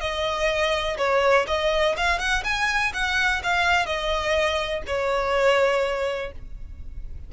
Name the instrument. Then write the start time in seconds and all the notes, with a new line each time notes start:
violin
0.00 D#5
0.97 C#5
1.47 D#5
1.96 F5
2.19 F#5
2.44 G#5
2.93 F#5
3.43 F5
3.86 D#5
4.87 C#5